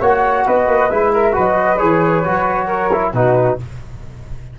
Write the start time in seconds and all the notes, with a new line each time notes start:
0.00 A#3 F#4 C#5 F#5
0.45 B3 B4 D#5
0.67 A#3
0.90 G#3 E4 E5
1.13 A#4
1.32 F#3 F#4 B4 D#5
1.78 E3 G#4 C#5
2.24 F#3 F#4
2.66 A#4
2.92 E4
3.12 B2 D#4 F#4 B4